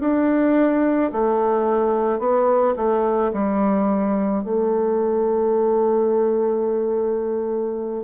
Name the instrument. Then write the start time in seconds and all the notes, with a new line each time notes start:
bassoon
0.00 D4
1.13 A3
2.19 B3
2.76 A3
3.33 G3
4.44 A3